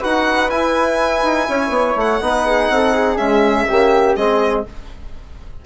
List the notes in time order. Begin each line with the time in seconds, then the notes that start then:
0.00 D#4 F#4 B4 F#5
0.49 E4 G#5
1.23 D#4
1.48 C#4 C#5
1.69 B3
1.95 A3 F#5
2.20 B3 D#4 B4
2.45 G#4
2.69 C4 A4
2.93 G#4
3.17 G#3 C#4 E5
3.67 C#3 A#3 G4
4.16 G#3 C4 G#4 D#5